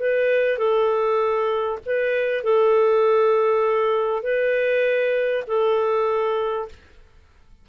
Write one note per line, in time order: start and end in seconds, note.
0.00 0.58 B4
0.58 1.80 A4
1.86 2.44 B4
2.44 4.23 A4
4.23 5.45 B4
5.48 6.69 A4